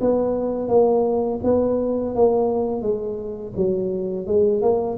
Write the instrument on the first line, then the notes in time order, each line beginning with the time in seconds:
tuba
0.00 B3
0.68 A#3
1.43 B3
2.15 A#3
2.81 G#3
3.56 F#3
4.26 G#3
4.61 A#3